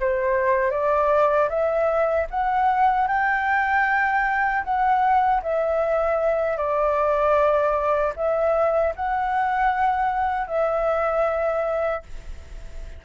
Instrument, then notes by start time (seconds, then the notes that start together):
flute
0.00 C5
0.71 D5
1.49 E5
2.30 F#5
3.08 G5
4.64 F#5
5.43 E5
6.57 D5
8.16 E5
8.95 F#5
10.47 E5